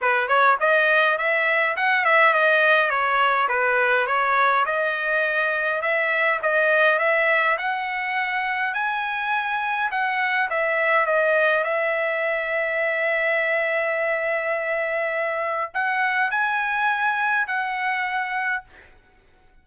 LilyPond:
\new Staff \with { instrumentName = "trumpet" } { \time 4/4 \tempo 4 = 103 b'8 cis''8 dis''4 e''4 fis''8 e''8 | dis''4 cis''4 b'4 cis''4 | dis''2 e''4 dis''4 | e''4 fis''2 gis''4~ |
gis''4 fis''4 e''4 dis''4 | e''1~ | e''2. fis''4 | gis''2 fis''2 | }